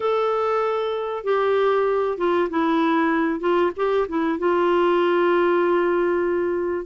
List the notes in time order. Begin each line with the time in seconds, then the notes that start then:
0.00 A4
1.24 G4
2.17 F4
2.50 E4
3.40 F4
3.76 G4
4.08 E4
4.39 F4